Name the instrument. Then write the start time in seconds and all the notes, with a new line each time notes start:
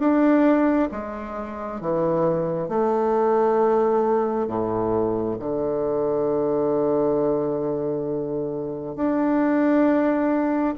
bassoon
0.00 D4
0.92 G#3
1.81 E3
2.69 A3
4.48 A2
5.39 D3
8.96 D4